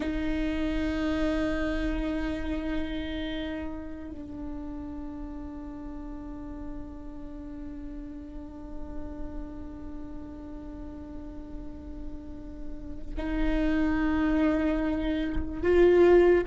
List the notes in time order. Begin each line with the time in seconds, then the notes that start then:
0.00 D#4
4.11 D4
13.17 D#4
15.62 F4